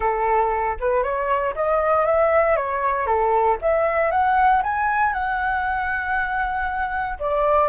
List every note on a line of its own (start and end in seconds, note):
0.00 0.77 A4
0.80 1.03 B4
1.03 1.54 C#5
1.55 2.05 D#5
2.05 2.56 E5
2.56 3.06 C#5
3.06 3.57 A4
3.61 4.11 E5
4.11 4.62 F#5
4.63 5.13 G#5
5.13 7.18 F#5
7.19 7.68 D5